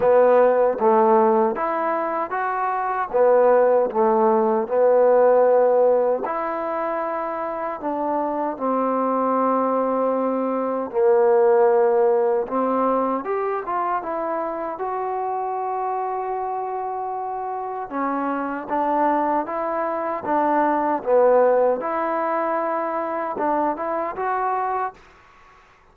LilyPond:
\new Staff \with { instrumentName = "trombone" } { \time 4/4 \tempo 4 = 77 b4 a4 e'4 fis'4 | b4 a4 b2 | e'2 d'4 c'4~ | c'2 ais2 |
c'4 g'8 f'8 e'4 fis'4~ | fis'2. cis'4 | d'4 e'4 d'4 b4 | e'2 d'8 e'8 fis'4 | }